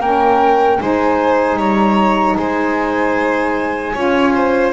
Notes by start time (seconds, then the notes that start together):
0.00 A#3 C#4 A#4 G5
0.79 G#3 D#4 C5 G#5
1.57 G3 C#5 A#5
2.36 G#3 C5 G#5
3.93 C#4 F4 C#5
4.35 C5